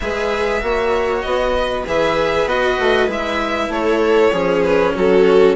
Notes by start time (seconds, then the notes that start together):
0.00 G#3 G#4 B4 E5
0.60 A#3 F#4 C#5
1.21 B3 D#5
1.57 B4
1.86 E3 G#4 E5
2.45 B3 F#4 D#5
2.79 A3
3.07 G#3 E4 E5
3.68 A3 A4 C#5
4.32 F3 C#4 G#4
4.62 B4
4.94 F#3 F#4 A4